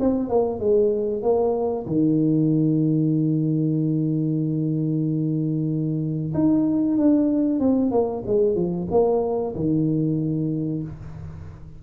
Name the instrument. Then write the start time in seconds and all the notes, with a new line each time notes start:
tuba
0.00 C4
0.29 A#3
0.60 G#3
1.22 A#3
1.87 D#3
6.34 D#4
6.97 D4
7.60 C4
7.91 A#3
8.26 G#3
8.55 F3
8.91 A#3
9.55 D#3